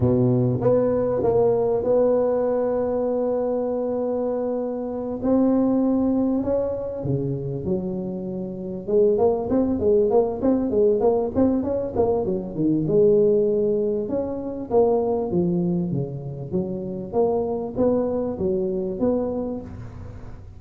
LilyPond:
\new Staff \with { instrumentName = "tuba" } { \time 4/4 \tempo 4 = 98 b,4 b4 ais4 b4~ | b1~ | b8 c'2 cis'4 cis8~ | cis8 fis2 gis8 ais8 c'8 |
gis8 ais8 c'8 gis8 ais8 c'8 cis'8 ais8 | fis8 dis8 gis2 cis'4 | ais4 f4 cis4 fis4 | ais4 b4 fis4 b4 | }